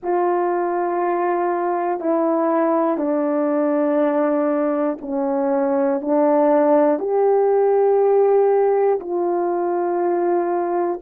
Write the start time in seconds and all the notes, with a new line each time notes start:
0.02 F4
2.00 E4
2.97 D4
5.01 C#4
6.00 D4
6.99 G4
9.00 F4